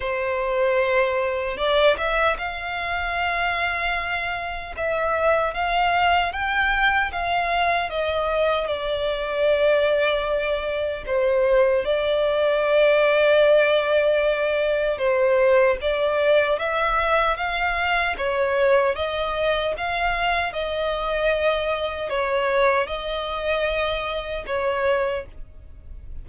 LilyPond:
\new Staff \with { instrumentName = "violin" } { \time 4/4 \tempo 4 = 76 c''2 d''8 e''8 f''4~ | f''2 e''4 f''4 | g''4 f''4 dis''4 d''4~ | d''2 c''4 d''4~ |
d''2. c''4 | d''4 e''4 f''4 cis''4 | dis''4 f''4 dis''2 | cis''4 dis''2 cis''4 | }